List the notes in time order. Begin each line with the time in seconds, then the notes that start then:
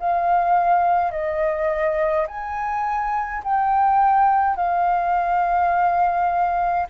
0.00 F5
1.12 D#5
2.28 G#5
3.44 G5
4.57 F5